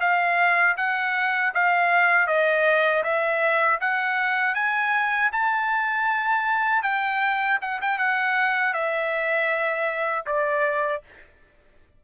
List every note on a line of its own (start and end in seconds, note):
0.00 0.76 F5
0.77 1.53 F#5
1.54 2.27 F5
2.27 3.03 D#5
3.03 3.79 E5
3.80 4.55 F#5
4.55 5.31 G#5
5.32 6.82 A5
6.82 7.58 G5
7.61 7.80 F#5
7.81 7.98 G5
7.98 8.73 F#5
8.73 10.25 E5
10.26 11.02 D5